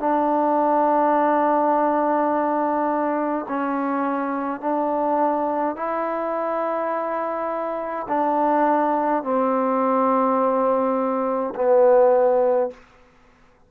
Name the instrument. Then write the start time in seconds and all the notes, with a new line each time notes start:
trombone
0.00 D4
3.49 C#4
4.61 D4
5.76 E4
8.09 D4
9.24 C4
11.55 B3